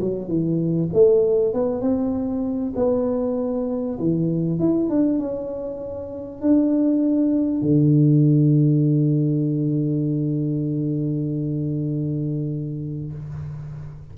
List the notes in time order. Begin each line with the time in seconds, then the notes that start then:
0.00 F#3
0.28 E3
0.93 A3
1.53 B3
1.81 C4
2.76 B3
3.99 E3
4.59 E4
4.89 D4
5.18 C#4
6.41 D4
7.61 D3